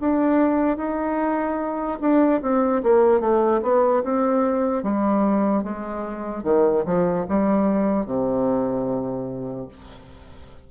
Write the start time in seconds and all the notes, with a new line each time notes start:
0.00 D4
0.77 D#4
2.00 D4
2.41 C4
2.83 A#3
3.20 A3
3.62 B3
4.03 C4
4.82 G3
5.63 G#3
6.43 D#3
6.85 F3
7.28 G3
8.06 C3